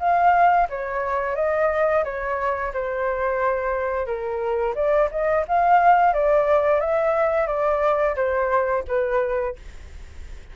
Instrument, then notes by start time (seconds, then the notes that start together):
flute
0.00 F5
0.70 C#5
1.36 D#5
2.05 C#5
2.74 C5
4.06 A#4
4.75 D5
5.11 D#5
5.48 F5
6.14 D5
6.81 E5
7.48 D5
8.16 C5
8.88 B4